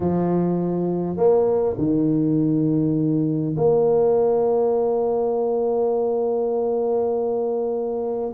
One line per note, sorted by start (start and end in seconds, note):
0.00 1.16 F3
1.16 1.76 A#3
1.77 3.55 D#3
3.56 8.32 A#3